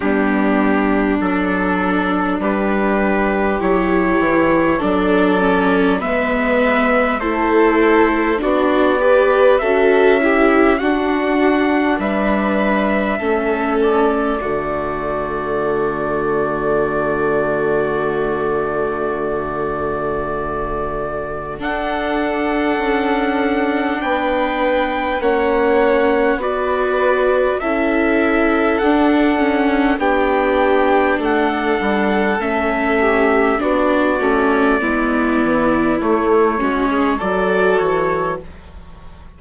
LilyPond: <<
  \new Staff \with { instrumentName = "trumpet" } { \time 4/4 \tempo 4 = 50 g'4 a'4 b'4 cis''4 | d''4 e''4 c''4 d''4 | e''4 fis''4 e''4. d''8~ | d''1~ |
d''2 fis''2 | g''4 fis''4 d''4 e''4 | fis''4 g''4 fis''4 e''4 | d''2 cis''4 d''8 cis''8 | }
  \new Staff \with { instrumentName = "violin" } { \time 4/4 d'2 g'2 | a'4 b'4 a'4 fis'8 b'8 | a'8 g'8 fis'4 b'4 a'4 | fis'1~ |
fis'2 a'2 | b'4 cis''4 b'4 a'4~ | a'4 g'4 a'4. g'8 | fis'4 e'4. fis'16 gis'16 a'4 | }
  \new Staff \with { instrumentName = "viola" } { \time 4/4 b4 d'2 e'4 | d'8 cis'8 b4 e'4 d'8 g'8 | fis'8 e'8 d'2 cis'4 | a1~ |
a2 d'2~ | d'4 cis'4 fis'4 e'4 | d'8 cis'8 d'2 cis'4 | d'8 cis'8 b4 a8 cis'8 fis'4 | }
  \new Staff \with { instrumentName = "bassoon" } { \time 4/4 g4 fis4 g4 fis8 e8 | fis4 gis4 a4 b4 | cis'4 d'4 g4 a4 | d1~ |
d2 d'4 cis'4 | b4 ais4 b4 cis'4 | d'4 b4 a8 g8 a4 | b8 a8 gis8 e8 a8 gis8 fis8 e8 | }
>>